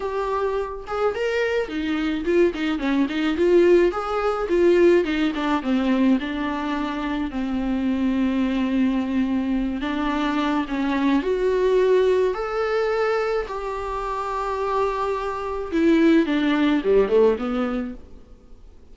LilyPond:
\new Staff \with { instrumentName = "viola" } { \time 4/4 \tempo 4 = 107 g'4. gis'8 ais'4 dis'4 | f'8 dis'8 cis'8 dis'8 f'4 gis'4 | f'4 dis'8 d'8 c'4 d'4~ | d'4 c'2.~ |
c'4. d'4. cis'4 | fis'2 a'2 | g'1 | e'4 d'4 g8 a8 b4 | }